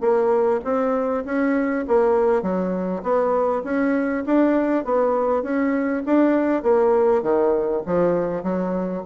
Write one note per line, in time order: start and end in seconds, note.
0.00 0.60 A#3
0.64 1.24 C4
1.25 1.85 C#4
1.87 2.42 A#3
2.42 3.02 F#3
3.02 3.62 B3
3.64 4.24 C#4
4.26 4.84 D4
4.84 5.42 B3
5.42 6.02 C#4
6.06 6.62 D4
6.62 7.22 A#3
7.22 7.82 D#3
7.86 8.43 F3
8.43 9.03 F#3